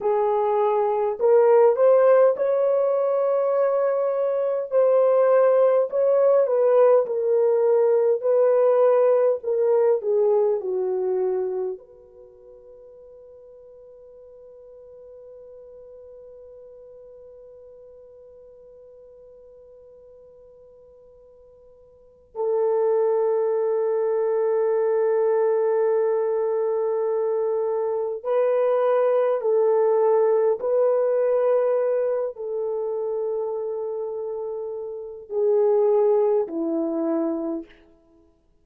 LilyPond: \new Staff \with { instrumentName = "horn" } { \time 4/4 \tempo 4 = 51 gis'4 ais'8 c''8 cis''2 | c''4 cis''8 b'8 ais'4 b'4 | ais'8 gis'8 fis'4 b'2~ | b'1~ |
b'2. a'4~ | a'1 | b'4 a'4 b'4. a'8~ | a'2 gis'4 e'4 | }